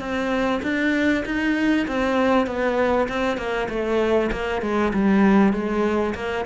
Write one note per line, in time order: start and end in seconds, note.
0.00 0.61 C4
0.63 1.24 D4
1.26 1.87 D#4
1.88 2.47 C4
2.47 3.08 B3
3.09 3.38 C4
3.38 3.68 A#3
3.70 4.31 A3
4.32 4.62 A#3
4.62 4.93 G#3
4.93 5.53 G3
5.53 6.14 G#3
6.15 6.46 A#3